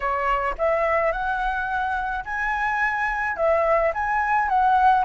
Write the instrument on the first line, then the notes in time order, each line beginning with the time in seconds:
flute
0.00 C#5
0.58 E5
1.12 F#5
2.25 G#5
3.36 E5
3.94 G#5
4.49 F#5